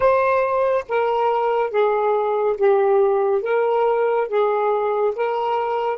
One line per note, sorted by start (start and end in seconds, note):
0.00 0.84 C5
0.88 1.70 A#4
1.70 2.56 G#4
2.57 3.42 G4
3.42 4.27 A#4
4.28 5.14 G#4
5.15 5.98 A#4